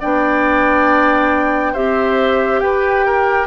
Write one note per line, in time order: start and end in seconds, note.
0.00 1.76 B3
0.00 1.75 D4
0.00 1.73 D5
0.00 1.74 G5
1.73 2.62 C4
1.73 3.48 G4
1.73 2.60 C5
1.73 2.61 E5
2.61 3.48 G4
2.61 3.06 B4
2.61 3.48 G5
3.06 3.48 A#4